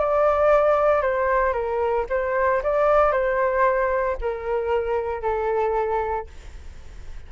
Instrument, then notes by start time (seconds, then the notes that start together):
flute
0.00 D5
1.02 C5
1.54 A#4
2.10 C5
2.63 D5
3.12 C5
4.22 A#4
5.22 A4